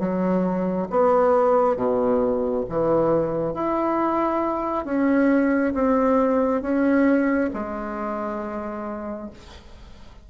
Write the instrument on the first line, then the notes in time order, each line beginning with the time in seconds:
bassoon
0.00 F#3
0.91 B3
1.76 B2
2.69 E3
3.54 E4
4.85 C#4
5.74 C4
6.62 C#4
7.54 G#3